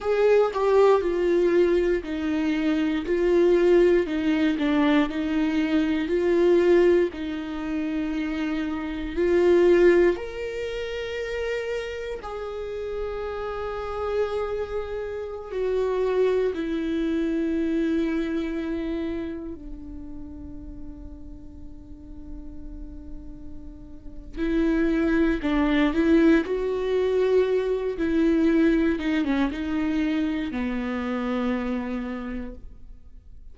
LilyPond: \new Staff \with { instrumentName = "viola" } { \time 4/4 \tempo 4 = 59 gis'8 g'8 f'4 dis'4 f'4 | dis'8 d'8 dis'4 f'4 dis'4~ | dis'4 f'4 ais'2 | gis'2.~ gis'16 fis'8.~ |
fis'16 e'2. d'8.~ | d'1 | e'4 d'8 e'8 fis'4. e'8~ | e'8 dis'16 cis'16 dis'4 b2 | }